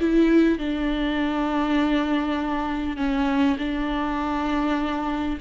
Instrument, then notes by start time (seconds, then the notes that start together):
viola
0.00 E4
0.58 D4
2.97 C#4
3.58 D4